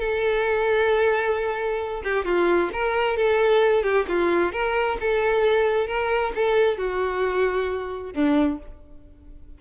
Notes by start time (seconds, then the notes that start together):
0.00 A4
2.04 G4
2.25 F4
2.73 A#4
3.17 A4
3.83 G4
4.09 F4
4.53 A#4
5.01 A4
5.88 A#4
6.36 A4
6.78 F#4
8.13 D4